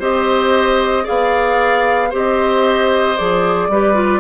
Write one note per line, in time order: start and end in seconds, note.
0.00 1.05 C4
0.00 1.04 G4
0.00 1.04 C5
0.00 1.08 D#5
1.04 2.13 B3
1.04 2.09 G#4
1.04 2.09 D5
1.04 2.13 F5
2.10 3.19 C4
2.10 3.17 G4
2.10 3.68 C5
2.16 3.18 D#5
3.18 3.69 F3
3.18 3.70 G#4
3.18 4.20 D5
3.69 4.20 G3
3.69 3.95 G4
3.69 4.20 B4
3.95 4.20 F4